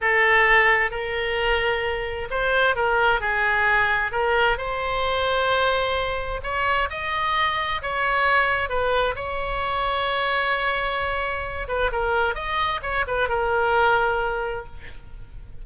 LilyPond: \new Staff \with { instrumentName = "oboe" } { \time 4/4 \tempo 4 = 131 a'2 ais'2~ | ais'4 c''4 ais'4 gis'4~ | gis'4 ais'4 c''2~ | c''2 cis''4 dis''4~ |
dis''4 cis''2 b'4 | cis''1~ | cis''4. b'8 ais'4 dis''4 | cis''8 b'8 ais'2. | }